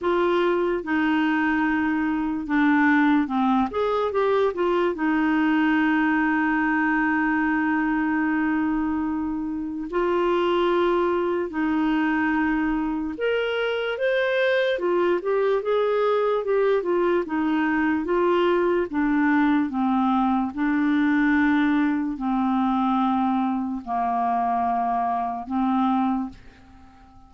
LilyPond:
\new Staff \with { instrumentName = "clarinet" } { \time 4/4 \tempo 4 = 73 f'4 dis'2 d'4 | c'8 gis'8 g'8 f'8 dis'2~ | dis'1 | f'2 dis'2 |
ais'4 c''4 f'8 g'8 gis'4 | g'8 f'8 dis'4 f'4 d'4 | c'4 d'2 c'4~ | c'4 ais2 c'4 | }